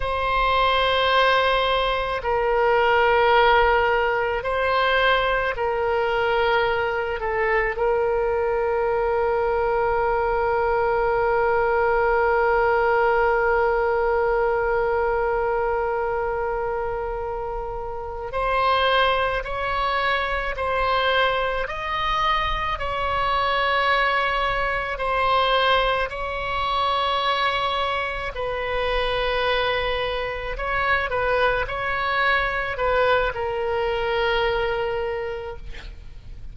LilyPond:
\new Staff \with { instrumentName = "oboe" } { \time 4/4 \tempo 4 = 54 c''2 ais'2 | c''4 ais'4. a'8 ais'4~ | ais'1~ | ais'1~ |
ais'8 c''4 cis''4 c''4 dis''8~ | dis''8 cis''2 c''4 cis''8~ | cis''4. b'2 cis''8 | b'8 cis''4 b'8 ais'2 | }